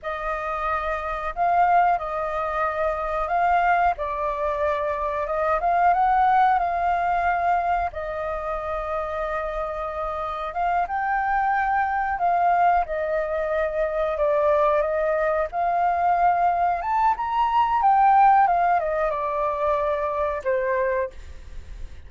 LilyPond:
\new Staff \with { instrumentName = "flute" } { \time 4/4 \tempo 4 = 91 dis''2 f''4 dis''4~ | dis''4 f''4 d''2 | dis''8 f''8 fis''4 f''2 | dis''1 |
f''8 g''2 f''4 dis''8~ | dis''4. d''4 dis''4 f''8~ | f''4. a''8 ais''4 g''4 | f''8 dis''8 d''2 c''4 | }